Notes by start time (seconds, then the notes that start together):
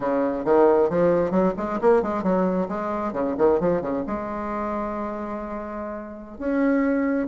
0.00 C#3
0.45 D#3
0.89 F3
1.30 F#3
1.57 G#3
1.81 A#3
2.02 G#3
2.23 F#3
2.68 G#3
3.12 C#3
3.37 D#3
3.59 F3
3.81 C#3
4.06 G#3
6.38 C#4